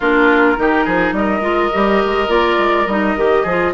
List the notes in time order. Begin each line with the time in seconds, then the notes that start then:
0.00 A#3 D4 F4 A#4
0.56 D#3 D#4 G4
0.84 F3 G#4
1.12 G3 A#4 D#5
1.40 G#3 F4
1.72 G3 G4
2.05 G#3
2.28 A#3 F4 D5
2.58 G#3
2.86 G3 D#4 D#5
3.17 D#3 G4
3.42 F3 F4 G#4